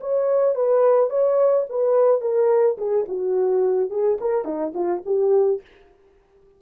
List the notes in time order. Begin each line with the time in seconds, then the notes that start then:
0.00 C#5
0.55 B4
1.10 C#5
1.69 B4
2.21 A#4
2.78 G#4
3.08 F#4
3.90 G#4
4.20 A#4
4.44 D#4
4.74 F4
5.05 G4